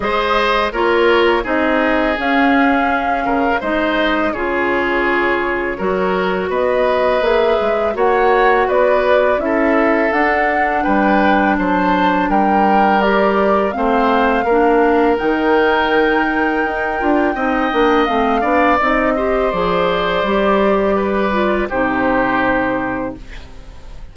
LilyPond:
<<
  \new Staff \with { instrumentName = "flute" } { \time 4/4 \tempo 4 = 83 dis''4 cis''4 dis''4 f''4~ | f''4 dis''4 cis''2~ | cis''4 dis''4 e''4 fis''4 | d''4 e''4 fis''4 g''4 |
a''4 g''4 d''4 f''4~ | f''4 g''2.~ | g''4 f''4 dis''4 d''4~ | d''2 c''2 | }
  \new Staff \with { instrumentName = "oboe" } { \time 4/4 c''4 ais'4 gis'2~ | gis'8 ais'8 c''4 gis'2 | ais'4 b'2 cis''4 | b'4 a'2 b'4 |
c''4 ais'2 c''4 | ais'1 | dis''4. d''4 c''4.~ | c''4 b'4 g'2 | }
  \new Staff \with { instrumentName = "clarinet" } { \time 4/4 gis'4 f'4 dis'4 cis'4~ | cis'4 dis'4 f'2 | fis'2 gis'4 fis'4~ | fis'4 e'4 d'2~ |
d'2 g'4 c'4 | d'4 dis'2~ dis'8 f'8 | dis'8 d'8 c'8 d'8 dis'8 g'8 gis'4 | g'4. f'8 dis'2 | }
  \new Staff \with { instrumentName = "bassoon" } { \time 4/4 gis4 ais4 c'4 cis'4~ | cis'8 cis8 gis4 cis2 | fis4 b4 ais8 gis8 ais4 | b4 cis'4 d'4 g4 |
fis4 g2 a4 | ais4 dis2 dis'8 d'8 | c'8 ais8 a8 b8 c'4 f4 | g2 c2 | }
>>